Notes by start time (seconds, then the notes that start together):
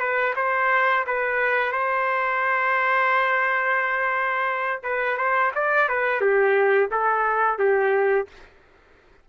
0.00 B4
0.36 C5
1.07 B4
1.73 C5
4.84 B4
5.18 C5
5.55 D5
5.89 B4
6.22 G4
6.92 A4
7.59 G4